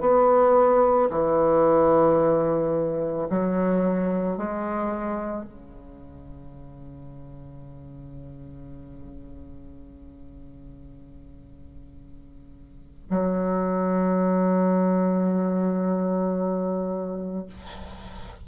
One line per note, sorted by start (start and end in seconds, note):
0.00 1.09 B3
1.10 3.28 E3
3.29 4.37 F#3
4.37 5.44 G#3
5.44 13.08 C#3
13.10 17.46 F#3